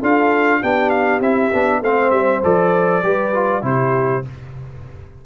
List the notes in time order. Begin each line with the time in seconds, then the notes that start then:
0.00 D4 F4 A4 F5
0.61 B3 D4 G4 G5
0.90 F5
1.21 C4 E4 E5
1.53 B3 D4
1.82 A3 C4 C5 F5
2.11 G3 E5
2.44 F3 A4 D5
3.03 G3 G4 B4
3.34 F4
3.62 C3 E4 G4 C5